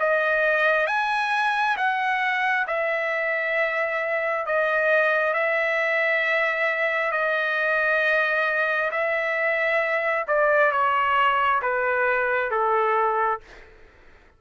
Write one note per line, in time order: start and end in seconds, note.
0.00 0.87 D#5
0.87 1.77 G#5
1.77 2.67 F#5
2.67 4.46 E5
4.46 5.34 D#5
5.34 7.12 E5
7.12 8.91 D#5
8.92 10.26 E5
10.28 10.72 D5
10.72 11.62 C#5
11.63 12.51 B4
12.51 13.40 A4